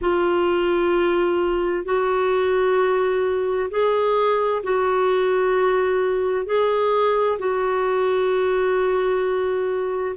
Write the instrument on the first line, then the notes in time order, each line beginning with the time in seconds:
clarinet
0.01 F4
1.85 F#4
3.70 G#4
4.63 F#4
6.46 G#4
7.38 F#4